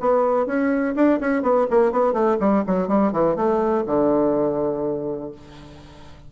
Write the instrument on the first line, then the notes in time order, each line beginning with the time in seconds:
bassoon
0.00 B3
0.46 C#4
0.95 D4
1.20 C#4
1.43 B3
1.70 A#3
1.92 B3
2.13 A3
2.40 G3
2.67 F#3
2.88 G3
3.12 E3
3.36 A3
3.86 D3